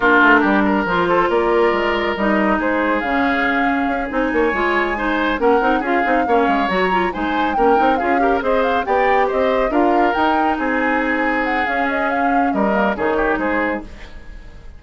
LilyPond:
<<
  \new Staff \with { instrumentName = "flute" } { \time 4/4 \tempo 4 = 139 ais'2 c''4 d''4~ | d''4 dis''4 c''4 f''4~ | f''4. gis''2~ gis''8~ | gis''8 fis''4 f''2 ais''8~ |
ais''8 gis''4 g''4 f''4 dis''8 | f''8 g''4 dis''4 f''4 g''8~ | g''8 gis''2 fis''8 f''8 dis''8 | f''4 dis''4 cis''4 c''4 | }
  \new Staff \with { instrumentName = "oboe" } { \time 4/4 f'4 g'8 ais'4 a'8 ais'4~ | ais'2 gis'2~ | gis'2 cis''4. c''8~ | c''8 ais'4 gis'4 cis''4.~ |
cis''8 c''4 ais'4 gis'8 ais'8 c''8~ | c''8 d''4 c''4 ais'4.~ | ais'8 gis'2.~ gis'8~ | gis'4 ais'4 gis'8 g'8 gis'4 | }
  \new Staff \with { instrumentName = "clarinet" } { \time 4/4 d'2 f'2~ | f'4 dis'2 cis'4~ | cis'4. dis'4 f'4 dis'8~ | dis'8 cis'8 dis'8 f'8 dis'8 cis'4 fis'8 |
f'8 dis'4 cis'8 dis'8 f'8 g'8 gis'8~ | gis'8 g'2 f'4 dis'8~ | dis'2. cis'4~ | cis'4. ais8 dis'2 | }
  \new Staff \with { instrumentName = "bassoon" } { \time 4/4 ais8 a8 g4 f4 ais4 | gis4 g4 gis4 cis4~ | cis4 cis'8 c'8 ais8 gis4.~ | gis8 ais8 c'8 cis'8 c'8 ais8 gis8 fis8~ |
fis8 gis4 ais8 c'8 cis'4 c'8~ | c'8 b4 c'4 d'4 dis'8~ | dis'8 c'2~ c'8 cis'4~ | cis'4 g4 dis4 gis4 | }
>>